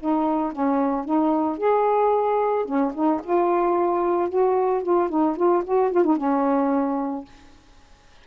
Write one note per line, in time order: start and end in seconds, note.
0.00 0.52 D#4
0.52 1.05 C#4
1.05 1.58 D#4
1.58 2.65 G#4
2.65 2.92 C#4
2.94 3.21 D#4
3.24 4.29 F4
4.29 4.83 F#4
4.83 5.09 F4
5.09 5.36 D#4
5.37 5.64 F4
5.65 5.92 F#4
5.92 6.05 F4
6.05 6.17 D#4
6.17 7.25 C#4